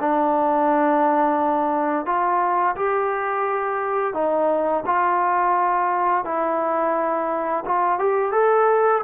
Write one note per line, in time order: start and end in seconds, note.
0.00 2.06 D4
2.06 2.76 F4
2.76 4.14 G4
4.14 4.84 D#4
4.86 6.25 F4
6.25 7.64 E4
7.66 7.99 F4
7.99 8.32 G4
8.32 9.02 A4